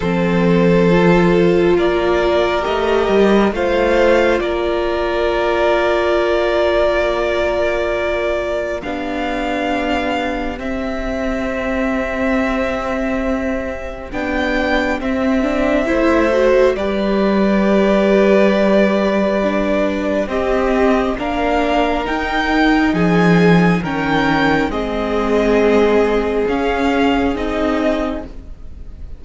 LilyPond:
<<
  \new Staff \with { instrumentName = "violin" } { \time 4/4 \tempo 4 = 68 c''2 d''4 dis''4 | f''4 d''2.~ | d''2 f''2 | e''1 |
g''4 e''2 d''4~ | d''2. dis''4 | f''4 g''4 gis''4 g''4 | dis''2 f''4 dis''4 | }
  \new Staff \with { instrumentName = "violin" } { \time 4/4 a'2 ais'2 | c''4 ais'2.~ | ais'2 g'2~ | g'1~ |
g'2 c''4 b'4~ | b'2. g'4 | ais'2 gis'4 ais'4 | gis'1 | }
  \new Staff \with { instrumentName = "viola" } { \time 4/4 c'4 f'2 g'4 | f'1~ | f'2 d'2 | c'1 |
d'4 c'8 d'8 e'8 fis'8 g'4~ | g'2 d'4 c'4 | d'4 dis'2 cis'4 | c'2 cis'4 dis'4 | }
  \new Staff \with { instrumentName = "cello" } { \time 4/4 f2 ais4 a8 g8 | a4 ais2.~ | ais2 b2 | c'1 |
b4 c'4 a4 g4~ | g2. c'4 | ais4 dis'4 f4 dis4 | gis2 cis'4 c'4 | }
>>